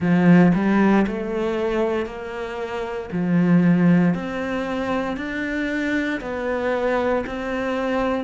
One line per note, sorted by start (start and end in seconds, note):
0.00 0.52 F3
0.54 1.06 G3
1.07 2.05 A3
2.05 3.09 A#3
3.11 4.14 F3
4.14 5.17 C4
5.17 6.20 D4
6.21 7.24 B3
7.26 8.24 C4